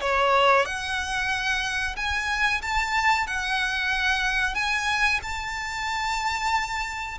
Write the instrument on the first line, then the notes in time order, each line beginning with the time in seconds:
violin
0.00 C#5
0.65 F#5
1.96 G#5
2.61 A5
3.27 F#5
4.54 G#5
5.22 A5